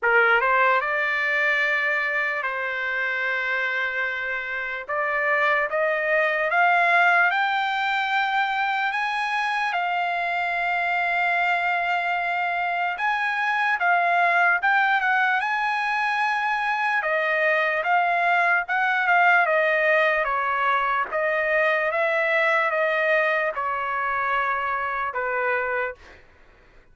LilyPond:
\new Staff \with { instrumentName = "trumpet" } { \time 4/4 \tempo 4 = 74 ais'8 c''8 d''2 c''4~ | c''2 d''4 dis''4 | f''4 g''2 gis''4 | f''1 |
gis''4 f''4 g''8 fis''8 gis''4~ | gis''4 dis''4 f''4 fis''8 f''8 | dis''4 cis''4 dis''4 e''4 | dis''4 cis''2 b'4 | }